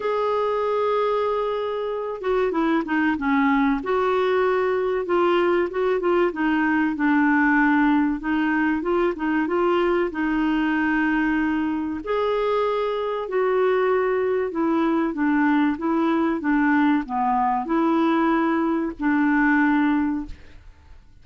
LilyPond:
\new Staff \with { instrumentName = "clarinet" } { \time 4/4 \tempo 4 = 95 gis'2.~ gis'8 fis'8 | e'8 dis'8 cis'4 fis'2 | f'4 fis'8 f'8 dis'4 d'4~ | d'4 dis'4 f'8 dis'8 f'4 |
dis'2. gis'4~ | gis'4 fis'2 e'4 | d'4 e'4 d'4 b4 | e'2 d'2 | }